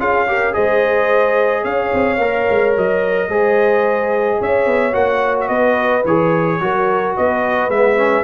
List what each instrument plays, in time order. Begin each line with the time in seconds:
0.00 tuba C#4, trombone F4, horn G#4, trumpet F5
0.28 trombone G4, horn A#4
0.53 tuba G#3, trombone G#4, horn C5, trumpet D#5
1.64 tuba C#4, horn C#5, trumpet F5
1.94 tuba C4
2.18 tuba A#3, trombone A#4
2.50 tuba G#3
2.77 tuba F#3, trumpet D#5
3.29 tuba G#3, trombone G#4, horn C5
4.39 tuba C#4, horn C#5, trumpet E5
4.66 tuba B3
4.93 tuba A#3, trombone F#4, trumpet F#5
5.41 trumpet E5
5.48 tuba B3, horn B4, trumpet D#5
6.05 tuba E3, trombone G#4, trumpet C#5
6.61 tuba F#3, trombone F#4, horn A#4
7.17 tuba B3, horn B4, trumpet D#5
7.69 tuba G#3, trombone B3, trumpet E5
7.97 trombone C#4